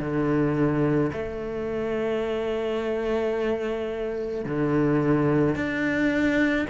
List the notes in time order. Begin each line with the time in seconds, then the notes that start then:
0.00 D3
1.13 A3
4.45 D3
5.56 D4